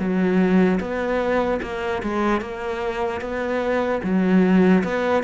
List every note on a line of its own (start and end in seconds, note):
0.00 0.80 F#3
0.81 1.61 B3
1.63 2.03 A#3
2.03 2.41 G#3
2.41 3.21 A#3
3.21 4.01 B3
4.04 4.84 F#3
4.84 5.24 B3